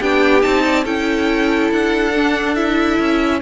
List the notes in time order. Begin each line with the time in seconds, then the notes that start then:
0.00 B3 D4 G4 G5
0.42 C4 D#4 A5
0.65 D5
0.84 C#4 E4 A4 G5
1.72 D4 F#5
2.14 D4
2.56 E4 E5
3.00 C#4